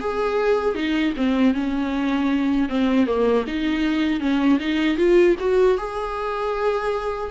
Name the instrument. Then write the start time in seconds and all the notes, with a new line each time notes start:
viola
0.00 G#4
0.75 D#4
1.17 C4
1.54 C#4
2.69 C4
3.07 A#3
3.47 D#4
4.20 C#4
4.59 D#4
4.98 F4
5.39 F#4
5.78 G#4